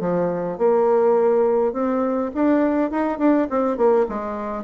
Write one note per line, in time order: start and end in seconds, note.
0.00 0.58 F3
0.58 1.73 A#3
1.73 2.31 C4
2.34 2.91 D4
2.91 3.18 D#4
3.18 3.47 D4
3.50 3.77 C4
3.77 4.06 A#3
4.09 4.64 G#3